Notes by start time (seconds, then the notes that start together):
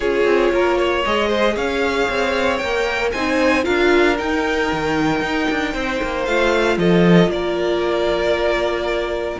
0.00 C#4 F4 G#4 C#5
0.24 C4
0.52 A#3 A#4
0.77 C#5
1.04 G#3 G#4 D#5
1.27 C5
1.55 C#4 C#5 F5
2.09 C4
2.57 A#3 A#4 G5
3.12 C4 D#4 C5 G#5
3.63 D4 F4 A#4 F5
4.18 D#4 G5
4.72 D#3
5.21 D#4
5.50 D4
5.73 C4 C5
6.02 A#3
6.25 A3 F4 F5
6.77 F3 A4 D#5
7.27 A#3 D5
7.34 A#4